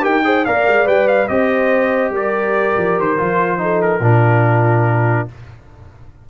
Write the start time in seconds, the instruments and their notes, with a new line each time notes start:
0.00 tuba D#4, trombone G4, horn A#4, trumpet G5
0.24 trombone G#4, horn C5
0.45 tuba A#3, trombone A#4, horn D5, trumpet F5
0.67 tuba G#3
0.85 tuba G3, trombone B4, trumpet G5
1.07 trumpet F5
1.27 tuba C4, trombone G4, horn C5, trumpet D#5
2.10 tuba G3, horn A#4, trumpet D5
2.77 tuba F3
2.98 tuba D#3, trumpet C5
3.17 tuba F3, trombone F4
3.57 trombone D#4, horn A4
3.81 trumpet A#4
3.99 tuba A#2, trombone D4, horn F4